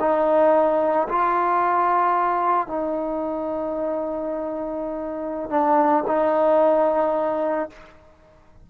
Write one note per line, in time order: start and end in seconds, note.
0.00 1.08 D#4
1.09 2.68 F4
2.68 5.50 D#4
5.50 6.04 D4
6.07 7.70 D#4